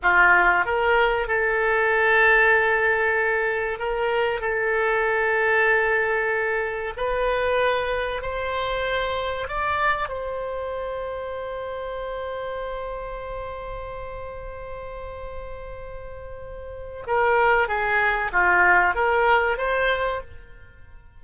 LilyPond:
\new Staff \with { instrumentName = "oboe" } { \time 4/4 \tempo 4 = 95 f'4 ais'4 a'2~ | a'2 ais'4 a'4~ | a'2. b'4~ | b'4 c''2 d''4 |
c''1~ | c''1~ | c''2. ais'4 | gis'4 f'4 ais'4 c''4 | }